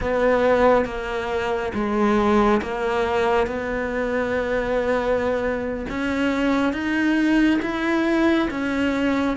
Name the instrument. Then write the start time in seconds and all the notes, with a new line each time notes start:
cello
0.00 B3
0.85 A#3
1.74 G#3
2.62 A#3
3.46 B3
5.89 C#4
6.72 D#4
7.61 E4
8.50 C#4